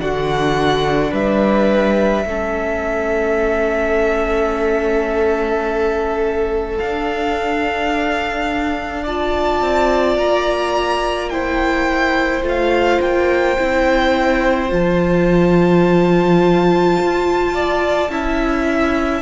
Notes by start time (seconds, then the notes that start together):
0.00 D3 D4 F#4 F#5
1.11 G3 B4 E5
2.26 A3 C#4 A4
6.78 D4 F5
9.04 F4 D5 A5
9.61 C4
10.18 A#3 A#5
11.30 E4 C5 G5
12.42 A3 F4
12.49 F5
13.02 A#3 G5
13.57 C4 E4
14.70 F3 F4 A5
17.00 F4
17.55 D5
18.10 C#4 E4 E5